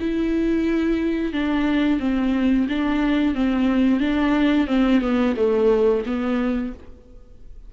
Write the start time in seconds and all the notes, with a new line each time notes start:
0.00 E4
1.33 D4
2.00 C4
2.69 D4
3.35 C4
4.00 D4
4.67 C4
5.01 B3
5.36 A3
6.06 B3